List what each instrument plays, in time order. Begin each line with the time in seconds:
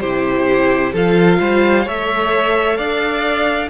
0.00 cello C3, viola E4, violin G4 C5
0.92 cello F3, viola F4, violin A4 F5
1.40 cello G3, violin C5
1.84 cello A3, viola A4, violin C#5 E5
2.76 cello D4, violin D5 F5